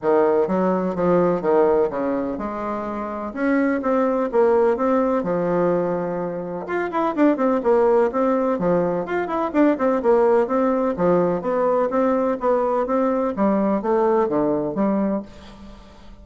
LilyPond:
\new Staff \with { instrumentName = "bassoon" } { \time 4/4 \tempo 4 = 126 dis4 fis4 f4 dis4 | cis4 gis2 cis'4 | c'4 ais4 c'4 f4~ | f2 f'8 e'8 d'8 c'8 |
ais4 c'4 f4 f'8 e'8 | d'8 c'8 ais4 c'4 f4 | b4 c'4 b4 c'4 | g4 a4 d4 g4 | }